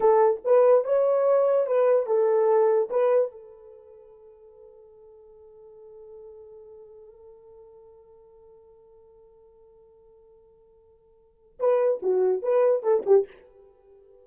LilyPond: \new Staff \with { instrumentName = "horn" } { \time 4/4 \tempo 4 = 145 a'4 b'4 cis''2 | b'4 a'2 b'4 | a'1~ | a'1~ |
a'1~ | a'1~ | a'1 | b'4 fis'4 b'4 a'8 g'8 | }